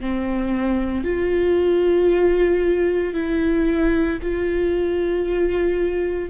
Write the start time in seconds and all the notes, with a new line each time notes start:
0.00 C4
1.04 F4
3.14 E4
4.22 F4